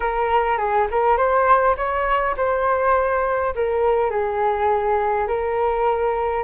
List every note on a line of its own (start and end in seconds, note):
0.00 0.57 A#4
0.57 0.87 G#4
0.90 1.17 A#4
1.17 1.75 C5
1.76 2.35 C#5
2.36 3.54 C5
3.55 4.10 A#4
4.10 5.27 G#4
5.27 6.43 A#4